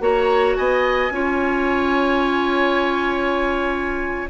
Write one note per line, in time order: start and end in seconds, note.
0.00 0.55 A#3
0.00 1.10 F#4
0.00 0.57 C#5
0.00 0.56 A#5
0.56 1.10 B3
0.56 1.12 D#5
0.56 4.28 G#5
1.10 4.26 C#4
1.10 4.29 F4
1.10 4.29 C#5